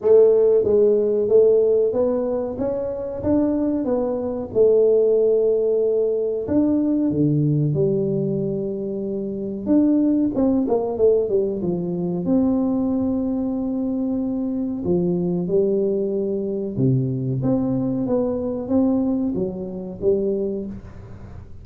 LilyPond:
\new Staff \with { instrumentName = "tuba" } { \time 4/4 \tempo 4 = 93 a4 gis4 a4 b4 | cis'4 d'4 b4 a4~ | a2 d'4 d4 | g2. d'4 |
c'8 ais8 a8 g8 f4 c'4~ | c'2. f4 | g2 c4 c'4 | b4 c'4 fis4 g4 | }